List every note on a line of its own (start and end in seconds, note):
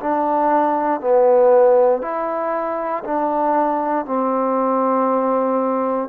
0.00 1.01 D4
1.01 2.02 B3
2.02 3.03 E4
3.04 4.05 D4
4.05 6.09 C4